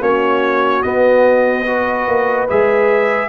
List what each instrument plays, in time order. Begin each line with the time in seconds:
0.00 tuba A#3, trombone C#4, horn F#4, trumpet C#5
0.83 trombone B3, tuba B3, trumpet D#5
1.66 trombone F#4, horn B4
2.08 tuba A#3
2.49 tuba G#3, trombone G#4, trumpet E5